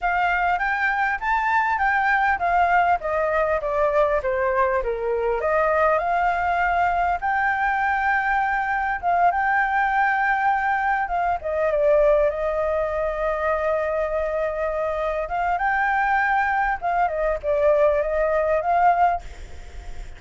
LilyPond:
\new Staff \with { instrumentName = "flute" } { \time 4/4 \tempo 4 = 100 f''4 g''4 a''4 g''4 | f''4 dis''4 d''4 c''4 | ais'4 dis''4 f''2 | g''2. f''8 g''8~ |
g''2~ g''8 f''8 dis''8 d''8~ | d''8 dis''2.~ dis''8~ | dis''4. f''8 g''2 | f''8 dis''8 d''4 dis''4 f''4 | }